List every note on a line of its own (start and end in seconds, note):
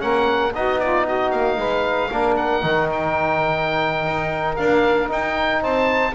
0.00 0.55 A#3
0.00 0.52 C#4
0.00 0.54 A#4
0.00 0.53 F#5
0.55 1.32 B3
0.55 2.11 D#4
0.55 0.81 F#4
0.55 0.80 D#5
0.80 1.05 F4
0.80 1.06 D5
1.05 1.58 F#4
1.05 1.31 D#5
1.31 1.58 A#3
1.31 2.36 F5
1.58 2.10 G#3
1.58 2.11 B4
2.12 2.64 A#3
2.12 2.63 D4
2.12 5.62 A#4
2.37 2.89 F#5
2.63 4.06 D#3
2.63 4.58 D#4
2.93 4.57 G5
4.06 4.58 D#4
4.57 5.09 A#3
4.57 5.11 D4
4.57 5.09 F5
5.09 6.13 D#4
5.09 5.63 D#4
5.09 5.64 G5
5.62 6.15 C4
5.62 6.14 C5
5.62 6.15 A5